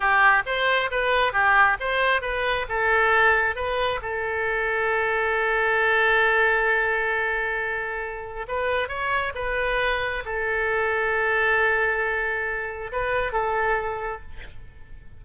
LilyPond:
\new Staff \with { instrumentName = "oboe" } { \time 4/4 \tempo 4 = 135 g'4 c''4 b'4 g'4 | c''4 b'4 a'2 | b'4 a'2.~ | a'1~ |
a'2. b'4 | cis''4 b'2 a'4~ | a'1~ | a'4 b'4 a'2 | }